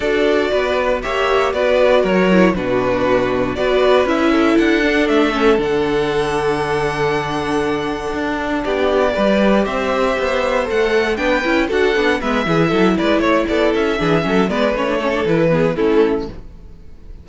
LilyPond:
<<
  \new Staff \with { instrumentName = "violin" } { \time 4/4 \tempo 4 = 118 d''2 e''4 d''4 | cis''4 b'2 d''4 | e''4 fis''4 e''4 fis''4~ | fis''1~ |
fis''4 d''2 e''4~ | e''4 fis''4 g''4 fis''4 | e''4. d''8 cis''8 d''8 e''4~ | e''8 d''8 cis''4 b'4 a'4 | }
  \new Staff \with { instrumentName = "violin" } { \time 4/4 a'4 b'4 cis''4 b'4 | ais'4 fis'2 b'4~ | b'8 a'2.~ a'8~ | a'1~ |
a'4 g'4 b'4 c''4~ | c''2 b'4 a'4 | b'8 gis'8 a'8 b'8 cis''8 a'4 gis'8 | a'8 b'4 a'4 gis'8 e'4 | }
  \new Staff \with { instrumentName = "viola" } { \time 4/4 fis'2 g'4 fis'4~ | fis'8 e'8 d'2 fis'4 | e'4. d'4 cis'8 d'4~ | d'1~ |
d'2 g'2~ | g'4 a'4 d'8 e'8 fis'8 d'8 | b8 e'2. d'8 | cis'8 b8 cis'16 d'16 cis'16 d'16 e'8 b8 cis'4 | }
  \new Staff \with { instrumentName = "cello" } { \time 4/4 d'4 b4 ais4 b4 | fis4 b,2 b4 | cis'4 d'4 a4 d4~ | d1 |
d'4 b4 g4 c'4 | b4 a4 b8 cis'8 d'8 b8 | gis8 e8 fis8 gis8 a8 b8 cis'8 e8 | fis8 gis8 a4 e4 a4 | }
>>